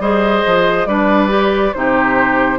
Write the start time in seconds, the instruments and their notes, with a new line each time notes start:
0.00 bassoon G3, clarinet G#4, oboe C5, flute D#5
0.47 bassoon F3
0.87 bassoon G3, clarinet D4, oboe B4, flute D5
1.29 clarinet G4
1.74 bassoon C3, clarinet D#4, oboe G4, flute C5